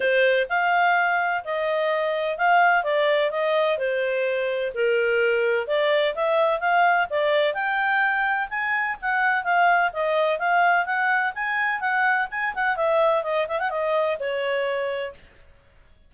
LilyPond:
\new Staff \with { instrumentName = "clarinet" } { \time 4/4 \tempo 4 = 127 c''4 f''2 dis''4~ | dis''4 f''4 d''4 dis''4 | c''2 ais'2 | d''4 e''4 f''4 d''4 |
g''2 gis''4 fis''4 | f''4 dis''4 f''4 fis''4 | gis''4 fis''4 gis''8 fis''8 e''4 | dis''8 e''16 fis''16 dis''4 cis''2 | }